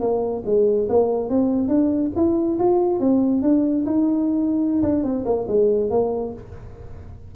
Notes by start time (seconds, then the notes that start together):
0.00 A#3
0.45 G#3
0.89 A#3
1.29 C4
1.68 D4
2.16 E4
2.59 F4
3.00 C4
3.42 D4
3.86 D#4
4.82 D4
5.03 C4
5.25 A#3
5.48 G#3
5.90 A#3